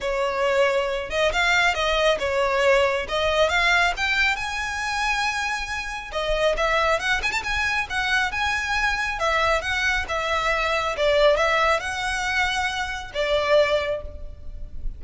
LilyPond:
\new Staff \with { instrumentName = "violin" } { \time 4/4 \tempo 4 = 137 cis''2~ cis''8 dis''8 f''4 | dis''4 cis''2 dis''4 | f''4 g''4 gis''2~ | gis''2 dis''4 e''4 |
fis''8 gis''16 a''16 gis''4 fis''4 gis''4~ | gis''4 e''4 fis''4 e''4~ | e''4 d''4 e''4 fis''4~ | fis''2 d''2 | }